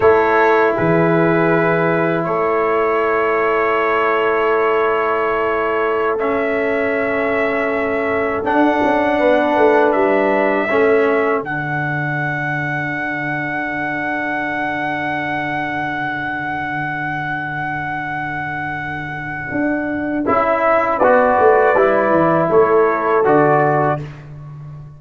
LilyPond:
<<
  \new Staff \with { instrumentName = "trumpet" } { \time 4/4 \tempo 4 = 80 cis''4 b'2 cis''4~ | cis''1~ | cis''16 e''2. fis''8.~ | fis''4~ fis''16 e''2 fis''8.~ |
fis''1~ | fis''1~ | fis''2. e''4 | d''2 cis''4 d''4 | }
  \new Staff \with { instrumentName = "horn" } { \time 4/4 a'4 gis'2 a'4~ | a'1~ | a'1~ | a'16 b'2 a'4.~ a'16~ |
a'1~ | a'1~ | a'1 | b'2 a'2 | }
  \new Staff \with { instrumentName = "trombone" } { \time 4/4 e'1~ | e'1~ | e'16 cis'2. d'8.~ | d'2~ d'16 cis'4 d'8.~ |
d'1~ | d'1~ | d'2. e'4 | fis'4 e'2 fis'4 | }
  \new Staff \with { instrumentName = "tuba" } { \time 4/4 a4 e2 a4~ | a1~ | a2.~ a16 d'8 cis'16~ | cis'16 b8 a8 g4 a4 d8.~ |
d1~ | d1~ | d2 d'4 cis'4 | b8 a8 g8 e8 a4 d4 | }
>>